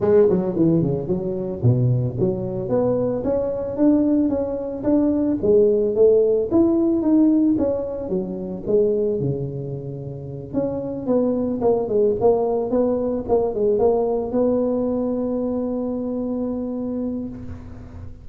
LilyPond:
\new Staff \with { instrumentName = "tuba" } { \time 4/4 \tempo 4 = 111 gis8 fis8 e8 cis8 fis4 b,4 | fis4 b4 cis'4 d'4 | cis'4 d'4 gis4 a4 | e'4 dis'4 cis'4 fis4 |
gis4 cis2~ cis8 cis'8~ | cis'8 b4 ais8 gis8 ais4 b8~ | b8 ais8 gis8 ais4 b4.~ | b1 | }